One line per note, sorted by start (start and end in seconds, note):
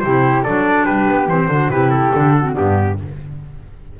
0.00 0.45 C3
0.00 0.46 E4
0.00 0.43 G4
0.00 0.42 C5
0.43 0.87 F#3
0.43 1.29 D4
0.43 0.85 A4
0.43 0.85 D5
0.85 1.08 G3
0.85 1.48 G4
0.85 1.27 B4
1.09 1.27 B3
1.27 1.48 E3
1.27 1.50 C4
1.27 1.70 C5
1.48 1.69 D3
1.48 1.71 D4
1.48 1.71 F#4
1.69 2.11 C3
1.69 2.13 E4
1.69 2.36 G4
1.69 1.90 B4
1.90 2.53 A4
2.14 2.57 D3
2.14 2.42 D4
2.37 2.53 C4
2.37 2.54 F#4
2.53 3.00 G2
2.53 2.95 B3
2.53 2.96 D4
2.53 2.99 G4